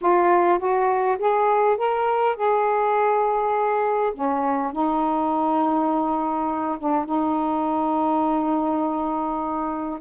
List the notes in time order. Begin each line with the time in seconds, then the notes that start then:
0.01 F4
0.59 F#4
1.18 G#4
1.77 A#4
2.36 G#4
4.14 C#4
4.72 D#4
6.78 D4
7.05 D#4